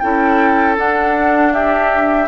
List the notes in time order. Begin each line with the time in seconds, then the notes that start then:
0.00 C#4 E4 A4 G5
0.77 D4 F#5
1.53 G4 E5